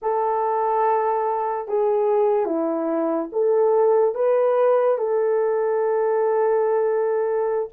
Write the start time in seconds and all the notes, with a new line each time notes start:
0.02 A4
1.67 G#4
2.45 E4
3.32 A4
4.14 B4
4.98 A4